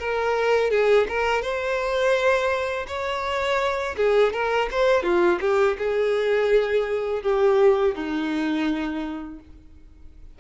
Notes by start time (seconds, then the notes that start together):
0.00 A#4
0.71 G#4
1.09 A#4
1.42 C5
2.88 C#5
3.97 G#4
4.33 A#4
4.72 C5
5.03 F4
5.41 G4
5.79 G#4
7.23 G4
7.95 D#4